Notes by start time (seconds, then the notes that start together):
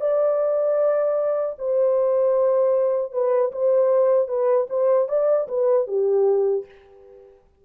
0.00 D5
1.58 C5
3.12 B4
3.52 C5
4.28 B4
4.69 C5
5.08 D5
5.48 B4
5.87 G4